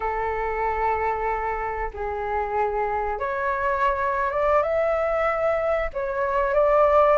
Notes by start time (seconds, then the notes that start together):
0.00 A4
1.93 G#4
3.19 C#5
4.31 D5
4.62 E5
5.93 C#5
6.54 D5